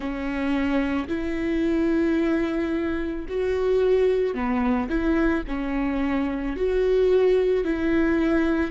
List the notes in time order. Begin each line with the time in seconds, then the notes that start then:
0.00 C#4
1.08 E4
3.28 F#4
4.34 B3
4.88 E4
5.47 C#4
6.56 F#4
7.64 E4